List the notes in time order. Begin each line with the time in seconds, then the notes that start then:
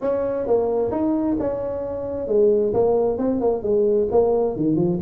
0.01 C#4
0.46 A#3
0.91 D#4
1.39 C#4
2.27 G#3
2.73 A#3
3.18 C4
3.40 A#3
3.62 G#3
4.11 A#3
4.56 D#3
4.76 F3